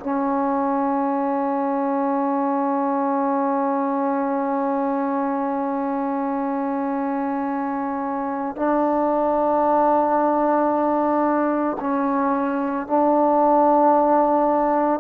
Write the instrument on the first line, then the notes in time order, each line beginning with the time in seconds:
trombone
0.00 C#4
8.56 D4
11.80 C#4
12.87 D4